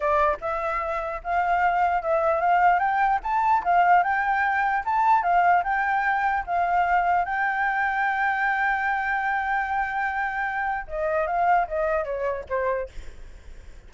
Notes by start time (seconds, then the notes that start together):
0.00 D5
0.40 E5
1.23 F5
2.02 E5
2.41 F5
2.79 G5
3.23 A5
3.64 F5
4.03 G5
4.85 A5
5.23 F5
5.63 G5
6.46 F5
7.24 G5
10.87 D#5
11.26 F5
11.67 D#5
12.04 C#5
12.49 C5